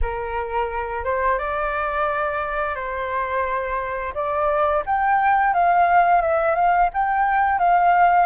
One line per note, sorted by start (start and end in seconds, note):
0.01 1.04 A#4
1.04 1.38 C5
1.38 2.75 D5
2.75 4.13 C5
4.14 4.83 D5
4.86 5.53 G5
5.53 6.21 F5
6.21 6.55 E5
6.55 6.89 F5
6.93 7.58 G5
7.58 8.26 F5